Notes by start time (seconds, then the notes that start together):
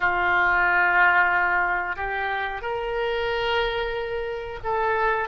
0.00 F4
1.96 G4
2.61 A#4
4.63 A4